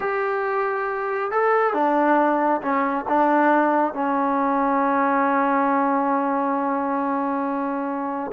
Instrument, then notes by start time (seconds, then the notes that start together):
trombone
0.00 G4
1.31 A4
1.73 D4
2.61 C#4
3.08 D4
3.93 C#4